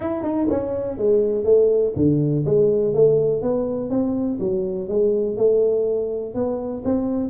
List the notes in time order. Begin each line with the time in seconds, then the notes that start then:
0.00 E4
0.23 D#4
0.50 C#4
0.97 G#3
1.44 A3
1.96 D3
2.45 G#3
2.94 A3
3.42 B3
3.90 C4
4.40 F#3
4.88 G#3
5.37 A3
6.34 B3
6.84 C4